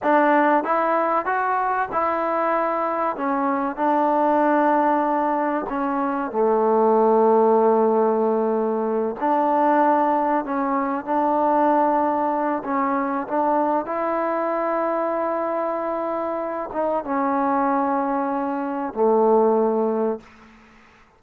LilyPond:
\new Staff \with { instrumentName = "trombone" } { \time 4/4 \tempo 4 = 95 d'4 e'4 fis'4 e'4~ | e'4 cis'4 d'2~ | d'4 cis'4 a2~ | a2~ a8 d'4.~ |
d'8 cis'4 d'2~ d'8 | cis'4 d'4 e'2~ | e'2~ e'8 dis'8 cis'4~ | cis'2 a2 | }